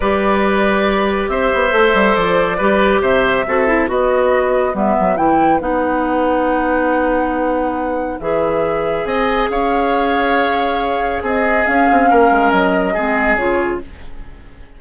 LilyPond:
<<
  \new Staff \with { instrumentName = "flute" } { \time 4/4 \tempo 4 = 139 d''2. e''4~ | e''4 d''2 e''4~ | e''4 dis''2 e''4 | g''4 fis''2.~ |
fis''2. e''4~ | e''4 gis''4 f''2~ | f''2 dis''4 f''4~ | f''4 dis''2 cis''4 | }
  \new Staff \with { instrumentName = "oboe" } { \time 4/4 b'2. c''4~ | c''2 b'4 c''4 | a'4 b'2.~ | b'1~ |
b'1~ | b'4 dis''4 cis''2~ | cis''2 gis'2 | ais'2 gis'2 | }
  \new Staff \with { instrumentName = "clarinet" } { \time 4/4 g'1 | a'2 g'2 | fis'8 e'8 fis'2 b4 | e'4 dis'2.~ |
dis'2. gis'4~ | gis'1~ | gis'2. cis'4~ | cis'2 c'4 f'4 | }
  \new Staff \with { instrumentName = "bassoon" } { \time 4/4 g2. c'8 b8 | a8 g8 f4 g4 c4 | c'4 b2 g8 fis8 | e4 b2.~ |
b2. e4~ | e4 c'4 cis'2~ | cis'2 c'4 cis'8 c'8 | ais8 gis8 fis4 gis4 cis4 | }
>>